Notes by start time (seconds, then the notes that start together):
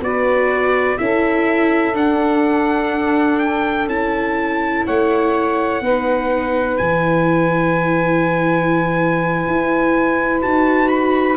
0.00 B3 F#4 B4 D5
0.99 C#4 E4 A4 E5
1.94 D4 F#5
3.39 G5
3.88 C#4 E4 A5
4.86 A3 C#5 F#5
5.81 B3 D#4 B4
6.78 E3 E4 G#5
9.47 E4
10.42 D#4 F#4 A5
10.89 B5